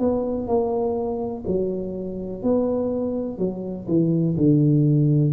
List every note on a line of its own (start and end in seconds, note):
0.00 0.48 B3
0.48 1.45 A#3
1.47 2.43 F#3
2.43 3.39 B3
3.39 3.87 F#3
3.88 4.37 E3
4.38 5.33 D3